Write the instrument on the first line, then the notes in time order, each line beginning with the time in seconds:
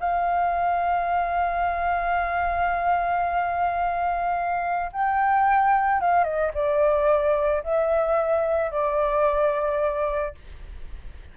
flute
0.00 F5
4.92 G5
6.00 F5
6.24 D#5
6.54 D5
7.63 E5
8.71 D5